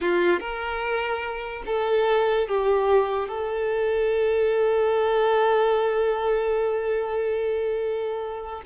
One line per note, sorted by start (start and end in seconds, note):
0.00 0.40 F4
0.40 1.63 A#4
1.66 2.48 A4
2.48 3.28 G4
3.28 8.62 A4